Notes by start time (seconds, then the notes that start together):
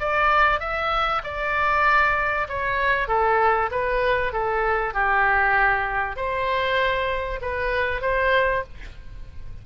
0.00 D5
0.60 E5
1.24 D5
2.49 C#5
3.08 A4
3.71 B4
4.33 A4
4.94 G4
6.16 C5
7.42 B4
8.02 C5